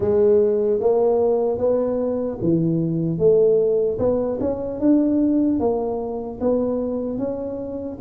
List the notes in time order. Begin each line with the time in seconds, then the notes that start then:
0.00 G#3
0.80 A#3
1.58 B3
2.41 E3
3.18 A3
3.98 B3
4.40 C#4
4.80 D4
5.59 A#3
6.40 B3
7.18 C#4